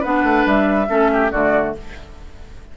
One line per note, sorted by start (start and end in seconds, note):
0.00 0.23 B3
0.00 0.88 D4
0.00 0.86 B4
0.00 0.47 F#5
0.23 0.45 A3
0.46 0.89 G3
0.46 1.32 E5
0.88 1.32 A3
0.88 1.31 C#4
0.88 1.11 A4
1.13 1.32 G4
1.32 1.75 D3
1.32 1.77 A3
1.32 1.74 F#4
1.32 1.75 D5